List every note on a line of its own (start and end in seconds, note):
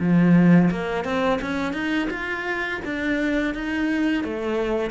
0.00 0.71 F3
0.71 1.05 A#3
1.05 1.40 C4
1.42 1.74 C#4
1.74 2.09 D#4
2.11 2.81 F4
2.85 3.55 D4
3.55 4.24 D#4
4.24 4.91 A3